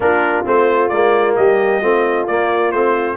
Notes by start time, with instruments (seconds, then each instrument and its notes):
0.00 tuba A#3, trombone D4, horn F4, trumpet A#4
0.44 tuba A3, trombone C4, trumpet C5
0.89 tuba G#3, trombone A#3, trumpet D5
1.36 tuba G3, horn G4, trumpet D#5
1.80 tuba A3, trombone C4, horn F4
2.26 tuba A#3, trombone A#3, trumpet D5
2.71 tuba A3, trombone C4, trumpet C5